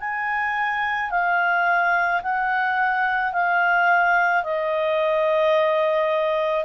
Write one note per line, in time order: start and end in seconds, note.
0.00 1.10 G#5
1.10 2.21 F5
2.22 3.32 F#5
3.32 4.43 F5
4.43 6.65 D#5